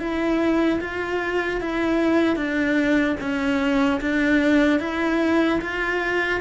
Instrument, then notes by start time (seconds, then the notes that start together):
cello
0.00 E4
0.81 F4
1.61 E4
2.36 D4
3.21 C#4
4.01 D4
4.80 E4
5.61 F4